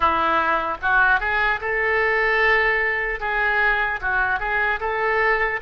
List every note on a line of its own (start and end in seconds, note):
0.00 0.77 E4
0.81 1.20 F#4
1.20 1.60 G#4
1.60 3.20 A4
3.20 4.00 G#4
4.01 4.39 F#4
4.39 4.79 G#4
4.80 5.60 A4